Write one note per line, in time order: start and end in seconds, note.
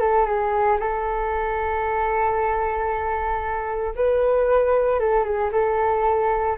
0.00 0.26 A4
0.26 0.78 G#4
0.80 3.95 A4
3.96 5.00 B4
5.00 5.24 A4
5.24 5.50 G#4
5.52 6.57 A4